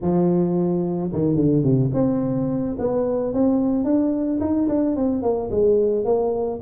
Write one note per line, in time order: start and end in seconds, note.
0.02 1.12 F3
1.13 1.35 D#3
1.35 1.62 D3
1.62 1.90 C3
1.93 2.76 C4
2.78 3.33 B3
3.33 3.84 C4
3.84 4.39 D4
4.40 4.68 D#4
4.68 4.95 D4
4.95 5.22 C4
5.22 5.49 A#3
5.50 6.05 G#3
6.05 6.60 A#3